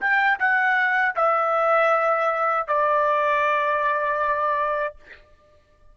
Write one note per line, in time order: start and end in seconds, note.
0.00 0.38 G5
0.39 1.15 F#5
1.15 2.67 E5
2.67 4.95 D5